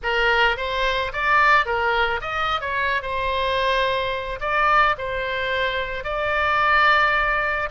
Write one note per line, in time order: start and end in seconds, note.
0.03 0.57 A#4
0.57 1.12 C5
1.13 1.65 D5
1.65 2.20 A#4
2.21 2.60 D#5
2.60 3.02 C#5
3.02 4.39 C5
4.40 4.95 D5
4.97 6.04 C5
6.04 7.69 D5